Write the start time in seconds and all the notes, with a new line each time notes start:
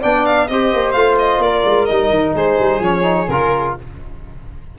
0.00 B3 D4 D5 G5
0.25 F5
0.47 C4 G4 C5 D#5
0.73 A#3
0.92 A3 F4 F5
1.18 D#5
1.39 A#3 A#4 D5
1.65 G#3
1.85 G3 D#4 D#5
2.10 D#3
2.34 G#3 G#4 C5
2.59 G3
2.79 F3 C#4 C#5
3.02 D#4
3.28 C#3 F4 A#4